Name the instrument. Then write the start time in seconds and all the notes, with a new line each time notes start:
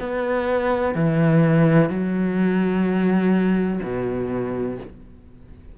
cello
0.00 B3
0.95 E3
1.90 F#3
3.83 B2